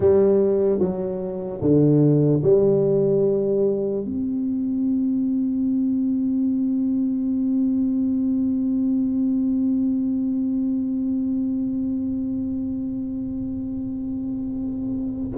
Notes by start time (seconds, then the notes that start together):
0.00 G3
0.79 F#3
1.61 D3
2.43 G3
4.04 C4